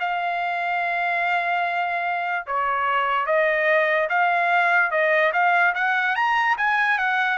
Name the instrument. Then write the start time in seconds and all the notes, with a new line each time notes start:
trumpet
0.00 F5
2.47 C#5
3.27 D#5
4.09 F5
4.91 D#5
5.33 F5
5.75 F#5
6.16 A#5
6.58 G#5
6.99 F#5